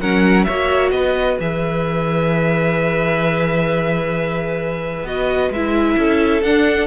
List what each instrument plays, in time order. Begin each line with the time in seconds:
0.00 cello F#3, viola C#4, violin A#4 F#5
0.44 cello A#3, violin C#5 E5
0.50 viola F#4
0.91 cello B3, violin B4 D#5
1.39 cello E3, viola G#4, violin E5
5.03 cello B3, viola F#4, violin D#5
5.50 cello G#3, viola E4, violin E5
5.97 cello C#4, violin A4
6.42 cello D4, viola D4, violin F#5